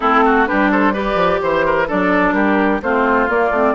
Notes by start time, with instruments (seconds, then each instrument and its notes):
0.00 bassoon A3, clarinet C4, oboe E4, flute A4
0.25 oboe F#4
0.46 bassoon G3, clarinet D4, oboe G4, flute B4
0.71 oboe A4, flute C5
0.93 clarinet G4, oboe B4, flute D5
1.15 bassoon F3
1.41 bassoon E3, flute C5, oboe C5
1.65 oboe A#4
1.87 bassoon F#3, clarinet D4, oboe A4, flute D5
2.32 bassoon G3, oboe G4, flute A#4
2.82 bassoon A3, clarinet C4, oboe F4, flute C5
3.28 bassoon A#3, clarinet A#3, flute D5
3.50 bassoon A3, clarinet C4